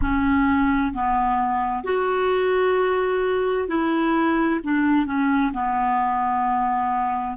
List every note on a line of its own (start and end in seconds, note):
0.01 0.93 C#4
0.93 1.84 B3
1.84 3.68 F#4
3.68 4.60 E4
4.63 5.06 D4
5.06 5.52 C#4
5.53 7.36 B3